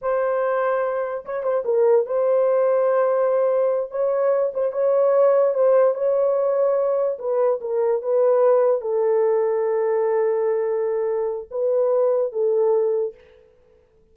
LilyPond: \new Staff \with { instrumentName = "horn" } { \time 4/4 \tempo 4 = 146 c''2. cis''8 c''8 | ais'4 c''2.~ | c''4. cis''4. c''8 cis''8~ | cis''4. c''4 cis''4.~ |
cis''4. b'4 ais'4 b'8~ | b'4. a'2~ a'8~ | a'1 | b'2 a'2 | }